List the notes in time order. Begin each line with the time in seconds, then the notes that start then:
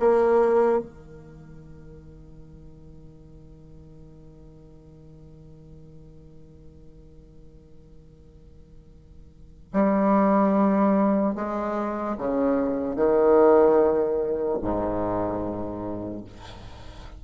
0.00 A#3
0.80 D#3
9.74 G3
11.35 G#3
12.18 C#3
12.96 D#3
14.62 G#2